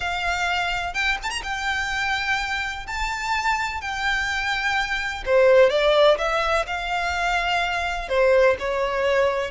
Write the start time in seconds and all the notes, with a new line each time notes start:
0.00 F5
0.94 G5
1.23 A5
1.30 A#5
1.43 G5
2.86 A5
3.81 G5
5.25 C5
5.70 D5
6.18 E5
6.66 F5
8.08 C5
8.59 C#5